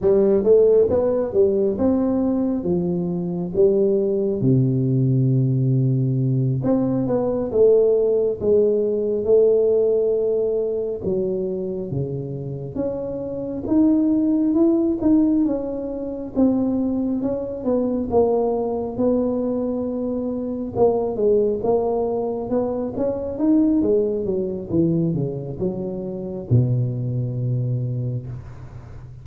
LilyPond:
\new Staff \with { instrumentName = "tuba" } { \time 4/4 \tempo 4 = 68 g8 a8 b8 g8 c'4 f4 | g4 c2~ c8 c'8 | b8 a4 gis4 a4.~ | a8 fis4 cis4 cis'4 dis'8~ |
dis'8 e'8 dis'8 cis'4 c'4 cis'8 | b8 ais4 b2 ais8 | gis8 ais4 b8 cis'8 dis'8 gis8 fis8 | e8 cis8 fis4 b,2 | }